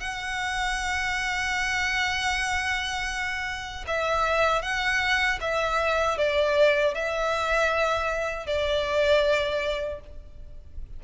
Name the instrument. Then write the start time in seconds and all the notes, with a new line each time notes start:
violin
0.00 F#5
3.87 E5
4.62 F#5
5.41 E5
6.17 D5
6.94 E5
8.46 D5